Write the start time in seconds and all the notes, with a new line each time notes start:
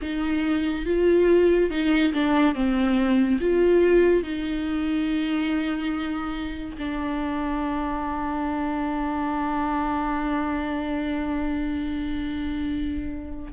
0.01 D#4
0.85 F4
1.70 D#4
2.13 D4
2.54 C4
3.40 F4
4.23 D#4
6.78 D4